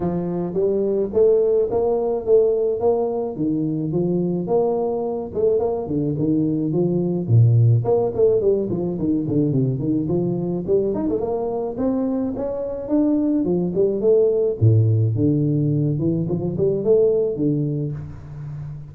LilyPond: \new Staff \with { instrumentName = "tuba" } { \time 4/4 \tempo 4 = 107 f4 g4 a4 ais4 | a4 ais4 dis4 f4 | ais4. a8 ais8 d8 dis4 | f4 ais,4 ais8 a8 g8 f8 |
dis8 d8 c8 dis8 f4 g8 dis'16 a16 | ais4 c'4 cis'4 d'4 | f8 g8 a4 a,4 d4~ | d8 e8 f8 g8 a4 d4 | }